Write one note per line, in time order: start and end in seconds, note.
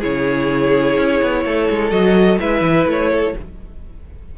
0.00 0.98 C#3
0.00 1.91 E4
0.00 1.43 G#4
0.00 1.91 C#5
0.98 1.22 C#4
1.22 1.45 B3
1.45 1.69 A3
1.45 2.41 A4
1.70 1.92 G#3
1.91 2.39 F#3
1.91 2.38 F#4
1.91 2.39 D#5
2.40 2.61 G#3
2.40 3.35 E4
2.40 3.11 B4
2.40 2.88 E5
2.61 2.85 E3
2.86 3.34 A3
2.86 3.39 C#5
3.11 3.35 A4